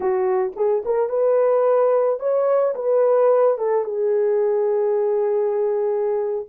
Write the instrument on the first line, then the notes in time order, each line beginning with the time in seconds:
horn
0.00 F#4
0.56 G#4
0.85 A#4
1.09 B4
2.19 C#5
2.75 B4
3.58 A4
3.84 G#4